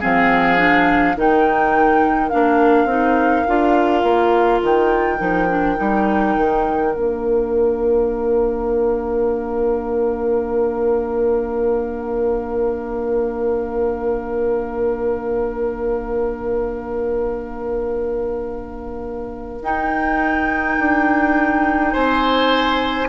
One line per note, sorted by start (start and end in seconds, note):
0.00 1.16 F3
0.00 0.57 C4
0.00 1.15 G#4
0.00 1.19 F5
0.57 1.15 D4
1.16 2.31 D#3
1.16 2.31 D#4
1.16 21.93 A#4
1.16 2.29 G5
2.29 2.85 A#3
2.29 2.88 D4
2.29 4.60 F5
2.85 3.42 C4
2.85 3.46 D#4
3.48 4.03 D4
3.48 5.18 F4
4.03 4.61 A#3
4.62 5.20 D#3
4.62 6.95 G5
5.18 5.78 F3
5.18 5.47 D#4
5.49 5.76 D4
5.76 6.37 G3
5.76 6.91 D#4
6.37 6.94 D#3
6.92 19.62 A#3
6.92 19.61 D4
6.92 19.64 F5
19.62 20.77 D#4
19.62 23.09 D#4
19.62 21.94 G5
20.79 21.94 D4
21.93 23.09 C4
21.93 23.08 C5
21.93 23.09 G#5